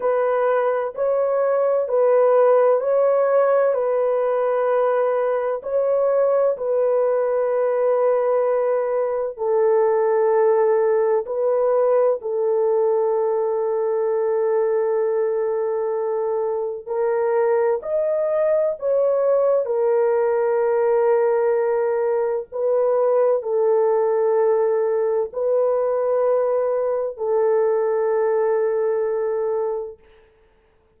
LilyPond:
\new Staff \with { instrumentName = "horn" } { \time 4/4 \tempo 4 = 64 b'4 cis''4 b'4 cis''4 | b'2 cis''4 b'4~ | b'2 a'2 | b'4 a'2.~ |
a'2 ais'4 dis''4 | cis''4 ais'2. | b'4 a'2 b'4~ | b'4 a'2. | }